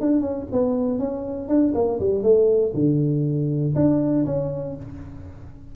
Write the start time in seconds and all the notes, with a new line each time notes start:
0.00 D4
0.20 C#4
0.52 B3
0.99 C#4
1.48 D4
1.74 A#3
1.99 G3
2.23 A3
2.74 D3
3.75 D4
4.25 C#4